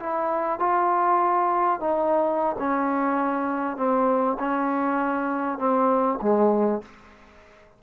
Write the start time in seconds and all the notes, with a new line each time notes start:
0.00 E4
0.60 F4
1.80 D#4
2.59 C#4
3.77 C4
4.40 C#4
5.59 C4
6.22 G#3